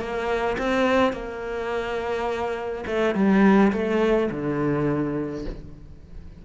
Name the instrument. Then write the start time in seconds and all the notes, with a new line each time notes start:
cello
0.00 A#3
0.58 C4
1.13 A#3
2.87 A3
3.15 G3
3.73 A3
4.31 D3